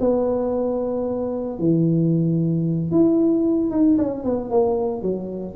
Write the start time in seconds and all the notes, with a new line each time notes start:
0.00 B3
1.59 E3
2.91 E4
3.71 D#4
3.98 C#4
4.24 B3
4.51 A#3
5.02 F#3